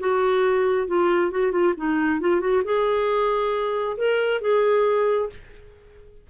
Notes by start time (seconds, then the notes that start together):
0.00 F#4
0.87 F4
1.31 F#4
1.52 F4
1.77 D#4
2.21 F4
2.40 F#4
2.65 G#4
3.97 A#4
4.42 G#4